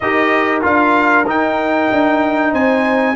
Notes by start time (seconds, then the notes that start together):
0.00 D#4 G4 A#4 D#5
0.61 D4 F4 F5
1.25 D#4 G5
1.91 D4
2.52 C4 C5 G#5